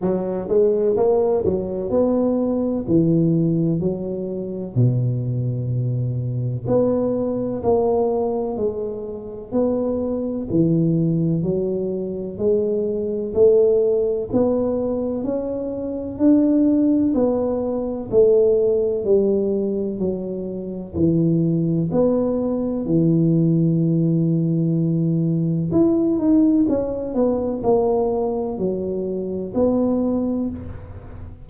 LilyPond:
\new Staff \with { instrumentName = "tuba" } { \time 4/4 \tempo 4 = 63 fis8 gis8 ais8 fis8 b4 e4 | fis4 b,2 b4 | ais4 gis4 b4 e4 | fis4 gis4 a4 b4 |
cis'4 d'4 b4 a4 | g4 fis4 e4 b4 | e2. e'8 dis'8 | cis'8 b8 ais4 fis4 b4 | }